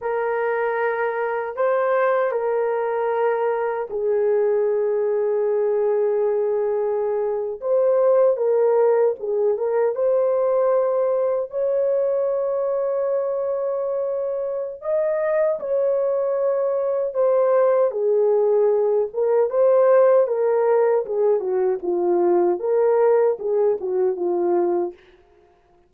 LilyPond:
\new Staff \with { instrumentName = "horn" } { \time 4/4 \tempo 4 = 77 ais'2 c''4 ais'4~ | ais'4 gis'2.~ | gis'4.~ gis'16 c''4 ais'4 gis'16~ | gis'16 ais'8 c''2 cis''4~ cis''16~ |
cis''2. dis''4 | cis''2 c''4 gis'4~ | gis'8 ais'8 c''4 ais'4 gis'8 fis'8 | f'4 ais'4 gis'8 fis'8 f'4 | }